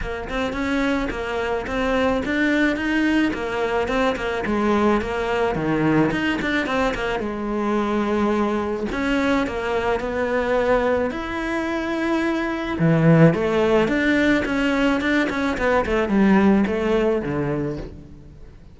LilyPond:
\new Staff \with { instrumentName = "cello" } { \time 4/4 \tempo 4 = 108 ais8 c'8 cis'4 ais4 c'4 | d'4 dis'4 ais4 c'8 ais8 | gis4 ais4 dis4 dis'8 d'8 | c'8 ais8 gis2. |
cis'4 ais4 b2 | e'2. e4 | a4 d'4 cis'4 d'8 cis'8 | b8 a8 g4 a4 d4 | }